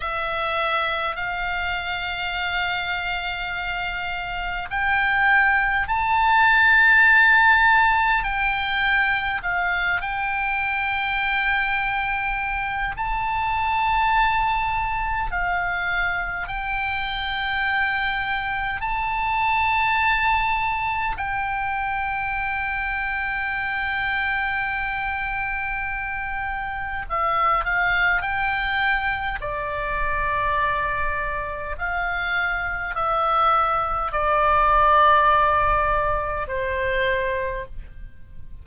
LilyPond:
\new Staff \with { instrumentName = "oboe" } { \time 4/4 \tempo 4 = 51 e''4 f''2. | g''4 a''2 g''4 | f''8 g''2~ g''8 a''4~ | a''4 f''4 g''2 |
a''2 g''2~ | g''2. e''8 f''8 | g''4 d''2 f''4 | e''4 d''2 c''4 | }